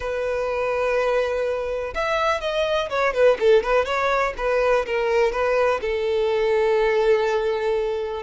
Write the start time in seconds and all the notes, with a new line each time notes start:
0.00 B4
1.94 E5
2.40 D#5
2.89 C#5
3.13 B4
3.39 A4
3.63 B4
3.85 C#5
4.37 B4
4.86 A#4
5.31 B4
5.81 A4